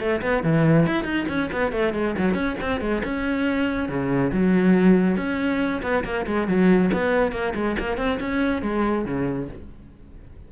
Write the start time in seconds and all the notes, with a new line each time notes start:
0.00 A3
0.22 B3
0.44 E3
0.87 E4
1.04 D#4
1.29 C#4
1.52 B3
1.72 A3
1.94 G#3
2.18 F#3
2.34 C#4
2.62 C4
2.81 G#3
3.05 C#4
3.89 C#3
4.33 F#3
5.17 C#4
5.83 B3
6.05 A#3
6.27 G#3
6.48 F#3
6.94 B3
7.32 A#3
7.55 G#3
7.80 A#3
7.98 C4
8.21 C#4
8.63 G#3
9.06 C#3